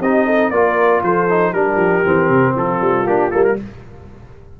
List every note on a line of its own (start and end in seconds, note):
0.00 0.50 C4
0.00 0.53 D#4
0.00 0.26 G4
0.00 0.50 D#5
0.26 0.51 A4
0.50 1.01 A#3
0.50 1.28 F4
0.50 1.03 A#4
0.50 1.01 D5
1.02 1.53 F3
1.02 1.52 A4
1.02 1.53 C5
1.28 1.54 D#4
1.52 1.76 G3
1.52 2.03 D4
1.52 2.54 G4
1.52 2.55 A#4
1.76 2.01 F3
2.03 2.29 E3
2.03 3.05 C4
2.29 2.55 C3
2.54 2.81 F3
2.54 3.56 F4
2.54 3.06 A4
2.81 3.05 G3
3.05 3.31 A#3
3.05 3.31 D4
3.05 3.30 G4
3.30 3.59 G3
3.30 3.57 A#3
3.30 3.43 A4
3.43 3.56 A#4